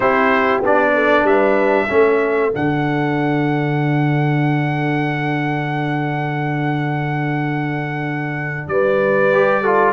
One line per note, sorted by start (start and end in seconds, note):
0.00 0.61 C4
0.00 0.63 E4
0.00 0.92 G4
0.00 0.60 C5
0.61 1.23 B3
0.61 1.88 D4
0.61 1.26 D5
0.94 1.26 A4
1.23 1.86 G3
1.23 1.86 B4
1.23 2.52 E5
1.86 2.54 A3
1.86 2.51 C#4
1.86 8.65 A4
2.51 8.67 D3
2.51 9.30 D4
2.51 8.68 F#5
8.67 9.93 G3
8.67 9.62 B4
8.67 9.93 D5
9.32 9.64 G4
9.62 9.93 F4
9.62 9.93 A4